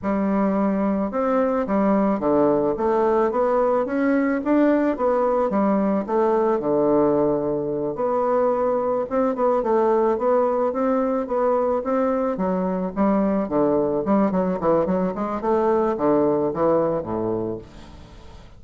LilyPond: \new Staff \with { instrumentName = "bassoon" } { \time 4/4 \tempo 4 = 109 g2 c'4 g4 | d4 a4 b4 cis'4 | d'4 b4 g4 a4 | d2~ d8 b4.~ |
b8 c'8 b8 a4 b4 c'8~ | c'8 b4 c'4 fis4 g8~ | g8 d4 g8 fis8 e8 fis8 gis8 | a4 d4 e4 a,4 | }